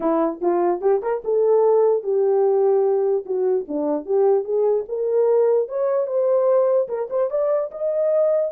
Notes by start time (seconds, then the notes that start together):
0.00 E4
0.41 F4
0.81 G4
1.02 A#4
1.24 A4
2.03 G4
3.25 F#4
3.68 D4
4.05 G4
4.44 G#4
4.88 A#4
5.68 C#5
6.06 C5
6.88 A#4
7.09 C5
7.30 D5
7.71 D#5